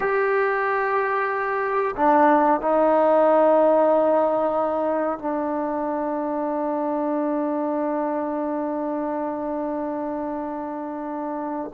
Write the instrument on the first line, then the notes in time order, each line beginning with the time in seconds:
trombone
0.00 G4
1.96 D4
2.60 D#4
5.18 D4